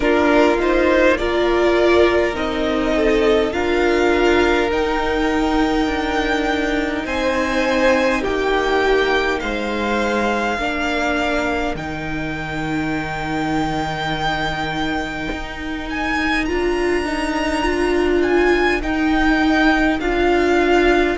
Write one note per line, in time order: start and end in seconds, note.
0.00 2.34 A#3
0.00 0.56 D4
0.00 1.18 F4
0.00 0.59 A#4
0.59 1.18 D#4
0.59 1.17 C5
1.17 2.33 F4
1.17 2.95 A#4
1.17 2.34 D5
2.33 3.52 C4
2.33 3.50 D#4
2.33 3.52 D#5
2.95 3.52 A4
3.51 4.70 D4
3.51 4.69 F4
3.51 7.05 A#4
3.51 4.70 F5
4.70 5.87 D#4
4.70 10.59 D#4
4.70 7.06 G5
5.87 7.04 D4
7.05 8.23 C4
7.05 8.21 C5
7.05 8.23 G#5
8.21 9.42 A#3
8.21 9.39 G4
8.21 9.39 G5
9.39 10.58 G#3
9.39 10.57 C5
9.39 11.75 F5
10.57 11.75 A#3
10.57 11.76 D4
10.57 21.16 A#4
11.75 15.27 D#3
11.75 16.47 D#4
11.75 15.88 G5
15.31 16.49 D#4
15.89 16.45 G#5
16.45 18.83 D4
16.45 17.05 F4
16.45 18.21 A#5
17.05 17.63 D#4
17.63 18.81 F4
18.22 18.81 G#5
18.82 19.99 D#4
18.82 20.00 G5
19.99 21.17 D4
19.99 21.17 F4
19.99 21.17 F5